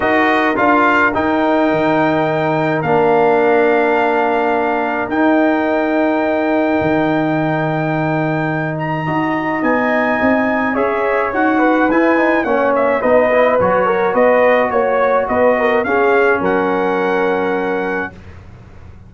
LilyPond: <<
  \new Staff \with { instrumentName = "trumpet" } { \time 4/4 \tempo 4 = 106 dis''4 f''4 g''2~ | g''4 f''2.~ | f''4 g''2.~ | g''2.~ g''8 ais''8~ |
ais''4 gis''2 e''4 | fis''4 gis''4 fis''8 e''8 dis''4 | cis''4 dis''4 cis''4 dis''4 | f''4 fis''2. | }
  \new Staff \with { instrumentName = "horn" } { \time 4/4 ais'1~ | ais'1~ | ais'1~ | ais'1 |
dis''2. cis''4~ | cis''8 b'4. cis''4 b'4~ | b'8 ais'8 b'4 cis''4 b'8 ais'8 | gis'4 ais'2. | }
  \new Staff \with { instrumentName = "trombone" } { \time 4/4 fis'4 f'4 dis'2~ | dis'4 d'2.~ | d'4 dis'2.~ | dis'1 |
fis'4 dis'2 gis'4 | fis'4 e'8 dis'8 cis'4 dis'8 e'8 | fis'1 | cis'1 | }
  \new Staff \with { instrumentName = "tuba" } { \time 4/4 dis'4 d'4 dis'4 dis4~ | dis4 ais2.~ | ais4 dis'2. | dis1 |
dis'4 b4 c'4 cis'4 | dis'4 e'4 ais4 b4 | fis4 b4 ais4 b4 | cis'4 fis2. | }
>>